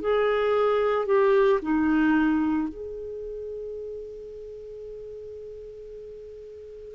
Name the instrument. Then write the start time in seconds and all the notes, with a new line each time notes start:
clarinet
0.00 G#4
1.06 G4
1.62 D#4
2.68 G#4